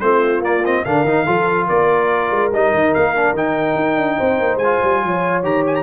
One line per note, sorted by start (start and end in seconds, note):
0.00 0.40 A3
0.00 0.43 C4
0.00 0.85 F4
0.00 0.42 C5
0.40 0.82 A#3
0.40 0.63 A#3
0.40 0.65 D5
0.64 0.85 C4
0.64 0.84 D#5
0.84 1.04 D3
0.84 1.06 D4
0.84 1.26 A#4
0.84 1.68 F5
1.04 1.25 D#3
1.04 1.26 D#4
1.26 1.69 F3
1.26 2.51 F4
1.26 1.67 A4
1.67 2.31 A#3
1.67 4.17 A#4
1.67 2.51 D5
2.31 2.52 G#3
2.52 2.73 G3
2.52 3.16 D#4
2.52 2.94 D#5
2.73 2.94 D#3
2.94 3.33 A#3
2.94 3.35 F5
3.16 3.36 D4
3.33 3.74 D#3
3.33 4.61 D#4
3.33 4.58 G5
3.76 3.96 D#4
3.96 4.17 D4
4.17 4.39 C4
4.17 5.01 C5
4.39 4.56 A#3
4.56 4.77 G#3
4.56 5.41 G#5
4.64 5.43 F4
4.82 5.03 G3
5.03 5.43 F3
5.03 5.83 C#5
5.43 5.83 D#3
5.43 5.83 G4
5.43 5.65 A#5
5.66 5.75 G#5
5.75 5.83 A#5